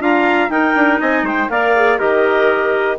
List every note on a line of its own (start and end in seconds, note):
0.00 0.49 D4
0.00 0.50 F4
0.00 0.52 F5
0.00 0.50 A#5
0.49 0.74 D#4
0.49 1.49 D#4
0.49 1.01 A#4
0.49 1.00 G5
0.76 1.00 D4
1.01 1.23 C4
1.01 1.26 D#5
1.01 1.26 G#5
1.23 1.48 G#3
1.23 1.50 C5
1.23 1.50 G5
1.50 2.00 A#3
1.50 1.75 A#4
1.50 1.99 D5
1.50 1.99 F5
1.76 1.99 G#4
1.99 2.99 D#3
1.99 2.98 G4
1.99 2.98 A#4
1.99 2.98 D#5